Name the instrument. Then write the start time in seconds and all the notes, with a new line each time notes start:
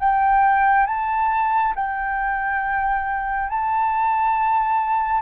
flute
0.00 G5
0.87 A5
1.75 G5
3.50 A5